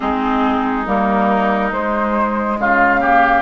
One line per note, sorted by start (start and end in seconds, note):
0.00 0.86 G#3
0.00 0.86 C4
0.00 2.57 D#4
0.00 0.86 G#4
0.86 1.71 G3
0.86 1.71 A#3
0.86 1.72 A#4
1.71 2.99 G#3
1.71 2.57 G#3
1.71 2.58 C5
2.59 3.42 C#3
2.59 3.00 F4
2.59 3.42 F5
2.99 3.42 A#3
2.99 3.42 G4